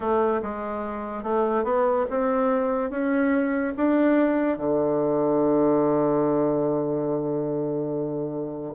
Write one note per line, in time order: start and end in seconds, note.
0.00 0.41 A3
0.42 1.23 G#3
1.23 1.64 A3
1.64 2.05 B3
2.09 2.90 C4
2.90 3.73 C#4
3.76 4.57 D4
4.57 8.74 D3